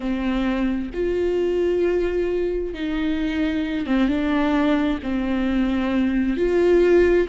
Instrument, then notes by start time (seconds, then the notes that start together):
viola
0.00 C4
0.93 F4
2.74 D#4
3.86 C4
4.08 D4
5.02 C4
6.36 F4